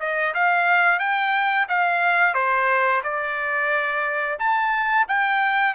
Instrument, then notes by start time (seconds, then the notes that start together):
trumpet
0.00 D#5
0.34 F5
0.99 G5
1.69 F5
2.34 C5
3.03 D5
4.39 A5
5.08 G5